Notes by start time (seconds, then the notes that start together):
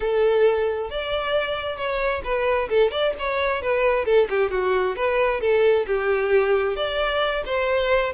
0.00 A4
0.90 D5
1.76 C#5
2.23 B4
2.69 A4
2.91 D5
3.18 C#5
3.62 B4
4.05 A4
4.29 G4
4.51 F#4
4.96 B4
5.40 A4
5.86 G4
6.75 D5
7.45 C5